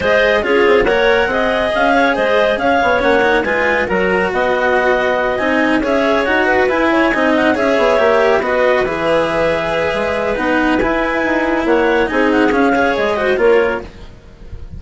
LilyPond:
<<
  \new Staff \with { instrumentName = "clarinet" } { \time 4/4 \tempo 4 = 139 dis''4 cis''4 fis''2 | f''4 dis''4 f''4 fis''4 | gis''4 ais''4 fis''2~ | fis''8 gis''4 e''4 fis''4 gis''8~ |
gis''4 fis''8 e''2 dis''8~ | dis''8 e''2.~ e''8 | fis''4 gis''2 fis''4 | gis''8 fis''8 f''4 dis''4 cis''4 | }
  \new Staff \with { instrumentName = "clarinet" } { \time 4/4 c''4 gis'4 cis''4 dis''4~ | dis''8 cis''8 c''4 cis''2 | b'4 ais'4 dis''2~ | dis''4. cis''4. b'4 |
cis''8 dis''4 cis''2 b'8~ | b'1~ | b'2. cis''4 | gis'4. cis''4 c''8 ais'4 | }
  \new Staff \with { instrumentName = "cello" } { \time 4/4 gis'4 f'4 ais'4 gis'4~ | gis'2. cis'8 dis'8 | f'4 fis'2.~ | fis'8 dis'4 gis'4 fis'4 e'8~ |
e'8 dis'4 gis'4 g'4 fis'8~ | fis'8 gis'2.~ gis'8 | dis'4 e'2. | dis'4 cis'8 gis'4 fis'8 f'4 | }
  \new Staff \with { instrumentName = "bassoon" } { \time 4/4 gis4 cis'8 c'8 ais4 c'4 | cis'4 gis4 cis'8 b8 ais4 | gis4 fis4 b2~ | b8 c'4 cis'4 dis'4 e'8~ |
e'8 c'4 cis'8 b8 ais4 b8~ | b8 e2~ e8 gis4 | b4 e'4 dis'4 ais4 | c'4 cis'4 gis4 ais4 | }
>>